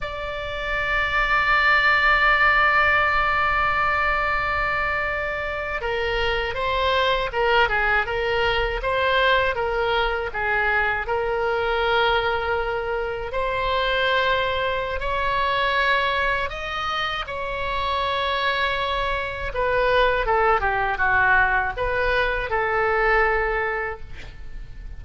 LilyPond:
\new Staff \with { instrumentName = "oboe" } { \time 4/4 \tempo 4 = 80 d''1~ | d''2.~ d''8. ais'16~ | ais'8. c''4 ais'8 gis'8 ais'4 c''16~ | c''8. ais'4 gis'4 ais'4~ ais'16~ |
ais'4.~ ais'16 c''2~ c''16 | cis''2 dis''4 cis''4~ | cis''2 b'4 a'8 g'8 | fis'4 b'4 a'2 | }